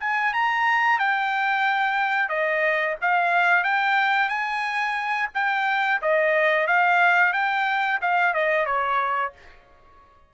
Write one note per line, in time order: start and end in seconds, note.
0.00 0.33 G#5
0.34 0.99 A#5
0.99 2.29 G5
2.29 2.96 D#5
3.01 3.64 F5
3.64 4.29 G5
4.29 5.29 G#5
5.35 6.01 G5
6.02 6.67 D#5
6.67 7.33 F5
7.33 8.00 G5
8.02 8.34 F5
8.34 8.66 D#5
8.66 9.32 C#5